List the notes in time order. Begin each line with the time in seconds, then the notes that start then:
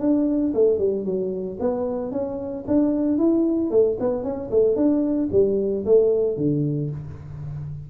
0.00 D4
0.54 A3
0.79 G3
1.05 F#3
1.60 B3
2.12 C#4
2.68 D4
3.18 E4
3.71 A3
4.00 B3
4.24 C#4
4.51 A3
4.76 D4
5.32 G3
5.86 A3
6.37 D3